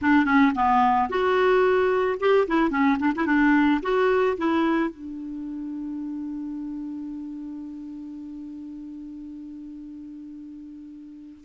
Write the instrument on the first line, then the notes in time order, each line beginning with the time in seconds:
clarinet
0.01 D4
0.25 C#4
0.55 B3
1.09 F#4
2.19 G4
2.47 E4
2.70 C#4
2.99 D4
3.15 E4
3.26 D4
3.82 F#4
4.37 E4
4.89 D4